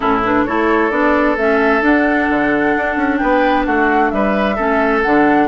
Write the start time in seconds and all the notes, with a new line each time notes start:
0.00 A2 C#4 E4 A4
0.24 D4 B4
0.45 A3 E4 A4 C#5
0.90 B3 D4 D5
1.36 A3 C#4 E5
1.81 D4 F#5
2.30 D3
2.77 D4
2.96 C#4
3.17 B3 B4 G5
3.65 A3 F#4 F#5
4.09 G3 B4 E5
4.55 A3 C#4 A4
5.02 D3 D4 F#5